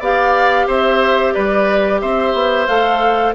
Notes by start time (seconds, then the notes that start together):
0.00 B3 G4 D5 F5
0.67 C4 C5 E5
1.34 G3 B4 D5
2.01 C4 C5 E5
2.34 B3
2.67 A3 A4 F5